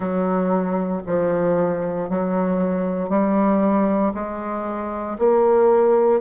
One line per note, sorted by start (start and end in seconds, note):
0.00 1.02 F#3
1.06 2.09 F3
2.09 3.09 F#3
3.09 4.12 G3
4.14 5.17 G#3
5.18 6.21 A#3